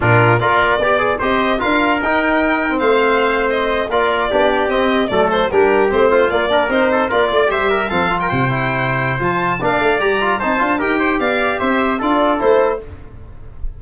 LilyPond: <<
  \new Staff \with { instrumentName = "violin" } { \time 4/4 \tempo 4 = 150 ais'4 d''2 dis''4 | f''4 g''2 f''4~ | f''8. dis''4 d''2 dis''16~ | dis''8. d''8 c''8 ais'4 c''4 d''16~ |
d''8. c''4 d''4 e''4 f''16~ | f''8 g''2~ g''8 a''4 | f''4 ais''4 a''4 g''4 | f''4 e''4 d''4 c''4 | }
  \new Staff \with { instrumentName = "trumpet" } { \time 4/4 f'4 ais'4 d''4 c''4 | ais'2. c''4~ | c''4.~ c''16 ais'4 g'4~ g'16~ | g'8. a'4 g'4. f'8.~ |
f'16 ais'4 a'8 ais'8 d''8 c''8 ais'8 a'16~ | a'8 ais'16 c''2.~ c''16 | d''2 c''4 ais'8 c''8 | d''4 c''4 a'2 | }
  \new Staff \with { instrumentName = "trombone" } { \time 4/4 d'4 f'4 g'8 gis'8 g'4 | f'4 dis'4.~ dis'16 c'4~ c'16~ | c'4.~ c'16 f'4 d'4 c'16~ | c'8. a4 d'4 c'4 ais16~ |
ais16 d'8 dis'4 f'4 g'4 c'16~ | c'16 f'4 e'4.~ e'16 f'4 | d'4 g'8 f'8 dis'8 f'8 g'4~ | g'2 f'4 e'4 | }
  \new Staff \with { instrumentName = "tuba" } { \time 4/4 ais,4 ais4 b4 c'4 | d'4 dis'2 a4~ | a4.~ a16 ais4 b4 c'16~ | c'8. fis4 g4 a4 ais16~ |
ais8. c'4 ais8 a8 g4 f16~ | f8. c2~ c16 f4 | ais8 a8 g4 c'8 d'8 dis'4 | b4 c'4 d'4 a4 | }
>>